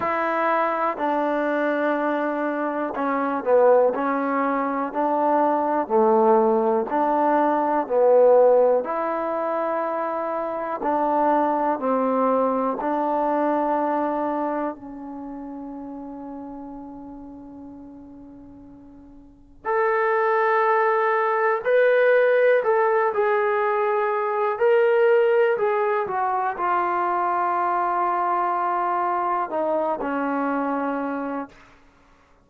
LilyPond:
\new Staff \with { instrumentName = "trombone" } { \time 4/4 \tempo 4 = 61 e'4 d'2 cis'8 b8 | cis'4 d'4 a4 d'4 | b4 e'2 d'4 | c'4 d'2 cis'4~ |
cis'1 | a'2 b'4 a'8 gis'8~ | gis'4 ais'4 gis'8 fis'8 f'4~ | f'2 dis'8 cis'4. | }